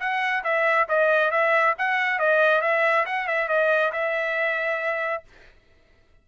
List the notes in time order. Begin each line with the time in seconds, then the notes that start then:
0.00 F#5
0.44 E5
0.89 D#5
1.31 E5
1.79 F#5
2.19 D#5
2.62 E5
3.06 F#5
3.28 E5
3.48 D#5
3.93 E5